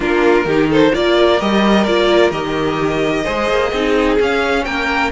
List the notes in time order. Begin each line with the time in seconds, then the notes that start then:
0.00 A#3 D4 F4 A#4
0.45 D#3 D#4 G4
0.69 A4 C5
0.93 A#3 F4 A#4 D5
1.40 G3 G4 D#5
1.84 A#3 F4 D5
2.31 D#3 G4 D#5
3.24 G#3 G#4 C5
3.50 A#3
3.69 C4 D#4 G#4
4.18 C#4 F5
4.64 A#3 A#4 G5